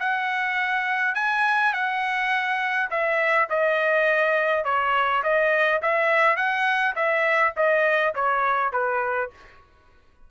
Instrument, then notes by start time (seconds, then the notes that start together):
trumpet
0.00 F#5
1.15 G#5
1.74 F#5
2.91 E5
3.50 D#5
4.65 C#5
5.23 D#5
5.83 E5
6.37 F#5
6.96 E5
7.57 D#5
8.16 C#5
8.73 B4